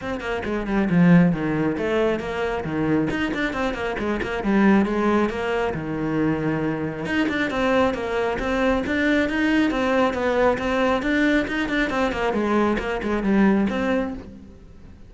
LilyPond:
\new Staff \with { instrumentName = "cello" } { \time 4/4 \tempo 4 = 136 c'8 ais8 gis8 g8 f4 dis4 | a4 ais4 dis4 dis'8 d'8 | c'8 ais8 gis8 ais8 g4 gis4 | ais4 dis2. |
dis'8 d'8 c'4 ais4 c'4 | d'4 dis'4 c'4 b4 | c'4 d'4 dis'8 d'8 c'8 ais8 | gis4 ais8 gis8 g4 c'4 | }